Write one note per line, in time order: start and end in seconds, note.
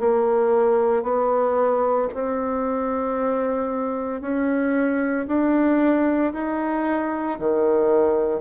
0.00 1.03 A#3
1.03 2.08 B3
2.14 4.22 C4
4.22 5.27 C#4
5.28 6.33 D4
6.33 7.39 D#4
7.40 8.41 D#3